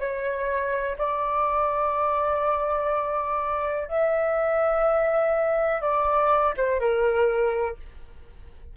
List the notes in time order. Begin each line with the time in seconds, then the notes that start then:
0.00 C#5
0.98 D5
3.88 E5
5.82 D5
6.57 C5
6.80 A#4